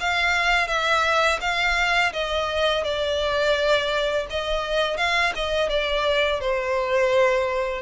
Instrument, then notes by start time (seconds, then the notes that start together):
violin
0.00 F5
0.68 E5
1.41 F5
2.13 D#5
2.84 D5
4.30 D#5
4.97 F5
5.35 D#5
5.69 D5
6.40 C5